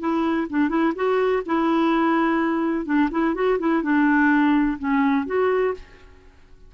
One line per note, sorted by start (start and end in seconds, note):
0.00 0.48 E4
0.50 0.69 D4
0.69 0.93 E4
0.96 1.44 F#4
1.46 2.86 E4
2.86 3.10 D4
3.11 3.35 E4
3.35 3.59 F#4
3.59 3.83 E4
3.83 4.78 D4
4.79 5.27 C#4
5.27 5.74 F#4